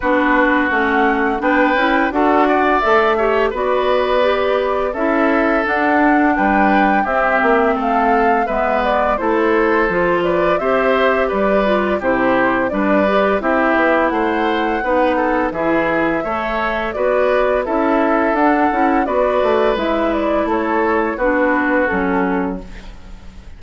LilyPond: <<
  \new Staff \with { instrumentName = "flute" } { \time 4/4 \tempo 4 = 85 b'4 fis''4 g''4 fis''4 | e''4 d''2 e''4 | fis''4 g''4 e''4 f''4 | e''8 d''8 c''4. d''8 e''4 |
d''4 c''4 d''4 e''4 | fis''2 e''2 | d''4 e''4 fis''4 d''4 | e''8 d''8 cis''4 b'4 a'4 | }
  \new Staff \with { instrumentName = "oboe" } { \time 4/4 fis'2 b'4 a'8 d''8~ | d''8 cis''8 b'2 a'4~ | a'4 b'4 g'4 a'4 | b'4 a'4. b'8 c''4 |
b'4 g'4 b'4 g'4 | c''4 b'8 a'8 gis'4 cis''4 | b'4 a'2 b'4~ | b'4 a'4 fis'2 | }
  \new Staff \with { instrumentName = "clarinet" } { \time 4/4 d'4 cis'4 d'8 e'8 fis'4 | a'8 g'8 fis'4 g'4 e'4 | d'2 c'2 | b4 e'4 f'4 g'4~ |
g'8 f'8 e'4 d'8 g'8 e'4~ | e'4 dis'4 e'4 a'4 | fis'4 e'4 d'8 e'8 fis'4 | e'2 d'4 cis'4 | }
  \new Staff \with { instrumentName = "bassoon" } { \time 4/4 b4 a4 b8 cis'8 d'4 | a4 b2 cis'4 | d'4 g4 c'8 ais8 a4 | gis4 a4 f4 c'4 |
g4 c4 g4 c'8 b8 | a4 b4 e4 a4 | b4 cis'4 d'8 cis'8 b8 a8 | gis4 a4 b4 fis4 | }
>>